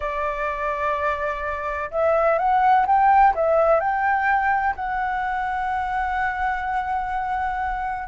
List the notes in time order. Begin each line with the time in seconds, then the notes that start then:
0.00 D5
1.90 E5
2.38 F#5
2.86 G5
3.34 E5
3.80 G5
4.75 F#5